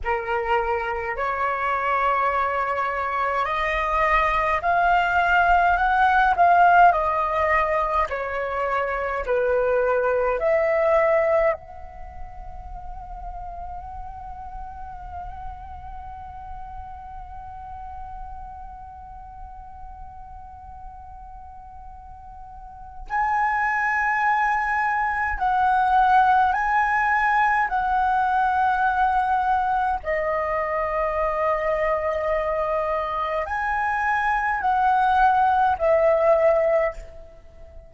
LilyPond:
\new Staff \with { instrumentName = "flute" } { \time 4/4 \tempo 4 = 52 ais'4 cis''2 dis''4 | f''4 fis''8 f''8 dis''4 cis''4 | b'4 e''4 fis''2~ | fis''1~ |
fis''1 | gis''2 fis''4 gis''4 | fis''2 dis''2~ | dis''4 gis''4 fis''4 e''4 | }